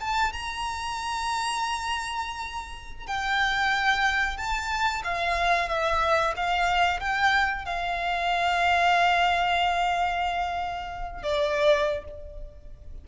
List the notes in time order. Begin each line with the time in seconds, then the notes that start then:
0.00 A5
0.33 A#5
3.07 G5
4.37 A5
5.04 F5
5.69 E5
6.36 F5
7.00 G5
7.65 F5
11.23 D5